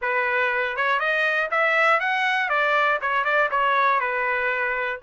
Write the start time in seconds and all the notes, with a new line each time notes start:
0.01 B4
0.76 C#5
0.99 D#5
1.50 E5
2.00 F#5
2.49 D5
3.01 C#5
3.24 D5
3.50 C#5
4.00 B4